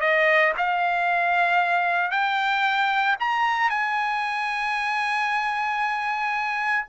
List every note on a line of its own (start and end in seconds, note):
0.00 0.53 D#5
0.57 2.11 F5
2.11 3.16 G5
3.19 3.70 A#5
3.70 6.85 G#5